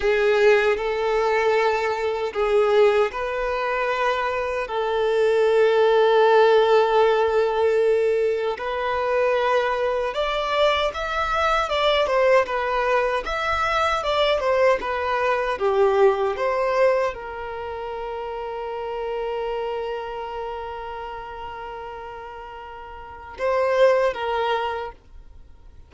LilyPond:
\new Staff \with { instrumentName = "violin" } { \time 4/4 \tempo 4 = 77 gis'4 a'2 gis'4 | b'2 a'2~ | a'2. b'4~ | b'4 d''4 e''4 d''8 c''8 |
b'4 e''4 d''8 c''8 b'4 | g'4 c''4 ais'2~ | ais'1~ | ais'2 c''4 ais'4 | }